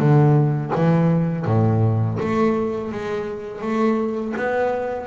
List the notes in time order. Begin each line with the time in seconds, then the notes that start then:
0.00 D3
0.76 E3
1.46 A2
2.20 A3
2.92 G#3
3.62 A3
4.37 B3